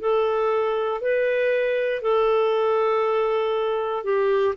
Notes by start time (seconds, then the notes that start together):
0.00 A4
1.01 B4
2.02 A4
4.04 G4